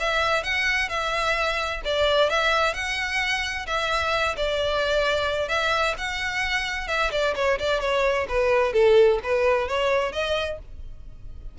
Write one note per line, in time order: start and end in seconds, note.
0.00 0.44 E5
0.44 0.89 F#5
0.89 1.81 E5
1.85 2.30 D5
2.30 2.74 E5
2.74 3.66 F#5
3.67 4.36 E5
4.37 5.49 D5
5.49 5.95 E5
5.98 6.88 F#5
6.88 7.11 E5
7.12 7.35 D5
7.36 7.59 C#5
7.59 7.81 D5
7.81 8.27 C#5
8.29 8.73 B4
8.73 9.20 A4
9.23 9.69 B4
9.69 10.13 C#5
10.13 10.59 D#5